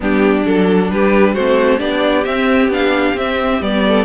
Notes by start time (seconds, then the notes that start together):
0.00 G3 B3 D4 G4
0.45 F#3 D4 A4
0.90 G3 G4 B4
1.34 A3 C4 F#4 C5
1.78 B3 D4 G4 D5
2.24 C4 E5
2.68 B3 D4 F5
3.14 C4 E5
3.61 G3 B3 D5
3.87 A4